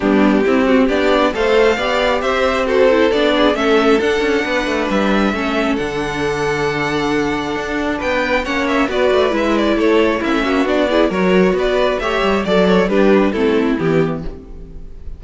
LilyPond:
<<
  \new Staff \with { instrumentName = "violin" } { \time 4/4 \tempo 4 = 135 g'2 d''4 f''4~ | f''4 e''4 c''4 d''4 | e''4 fis''2 e''4~ | e''4 fis''2.~ |
fis''2 g''4 fis''8 e''8 | d''4 e''8 d''8 cis''4 e''4 | d''4 cis''4 d''4 e''4 | d''8 cis''8 b'4 a'4 g'4 | }
  \new Staff \with { instrumentName = "violin" } { \time 4/4 d'4 e'8 fis'8 g'4 c''4 | d''4 c''4 a'4. gis'8 | a'2 b'2 | a'1~ |
a'2 b'4 cis''4 | b'2 a'4 e'8 fis'8~ | fis'8 gis'8 ais'4 b'4 cis''4 | d''4 g'4 e'2 | }
  \new Staff \with { instrumentName = "viola" } { \time 4/4 b4 c'4 d'4 a'4 | g'2 fis'8 e'8 d'4 | cis'4 d'2. | cis'4 d'2.~ |
d'2. cis'4 | fis'4 e'2 cis'4 | d'8 e'8 fis'2 g'4 | a'4 d'4 c'4 b4 | }
  \new Staff \with { instrumentName = "cello" } { \time 4/4 g4 c'4 b4 a4 | b4 c'2 b4 | a4 d'8 cis'8 b8 a8 g4 | a4 d2.~ |
d4 d'4 b4 ais4 | b8 a8 gis4 a4 ais16 a16 ais8 | b4 fis4 b4 a8 g8 | fis4 g4 a4 e4 | }
>>